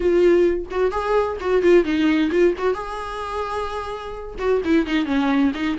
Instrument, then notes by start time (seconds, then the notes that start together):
viola
0.00 F4
0.70 F#4
0.91 G#4
1.40 F#4
1.62 F4
1.84 D#4
2.31 F4
2.57 F#4
2.74 G#4
4.38 F#4
4.64 E4
4.86 D#4
5.05 C#4
5.54 D#4